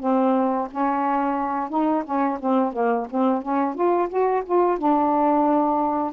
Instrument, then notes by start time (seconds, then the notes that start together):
saxophone
0.00 C4
0.71 C#4
1.69 D#4
2.05 C#4
2.40 C4
2.73 A#3
3.10 C4
3.42 C#4
3.75 F4
4.09 F#4
4.45 F4
4.78 D4